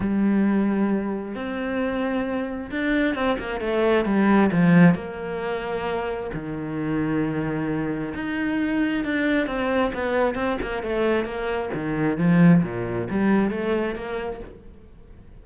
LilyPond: \new Staff \with { instrumentName = "cello" } { \time 4/4 \tempo 4 = 133 g2. c'4~ | c'2 d'4 c'8 ais8 | a4 g4 f4 ais4~ | ais2 dis2~ |
dis2 dis'2 | d'4 c'4 b4 c'8 ais8 | a4 ais4 dis4 f4 | ais,4 g4 a4 ais4 | }